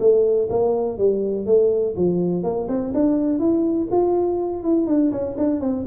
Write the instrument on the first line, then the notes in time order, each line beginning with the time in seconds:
tuba
0.00 A3
0.50 A#3
0.98 G3
1.46 A3
1.97 F3
2.44 A#3
2.69 C4
2.94 D4
3.40 E4
3.91 F4
4.63 E4
4.87 D4
5.12 C#4
5.38 D4
5.61 C4